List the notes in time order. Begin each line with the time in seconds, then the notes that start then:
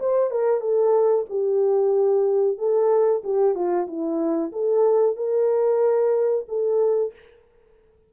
0.00 C5
0.31 A#4
0.61 A4
1.29 G4
2.58 A4
3.24 G4
3.55 F4
3.87 E4
4.52 A4
5.16 A#4
6.48 A4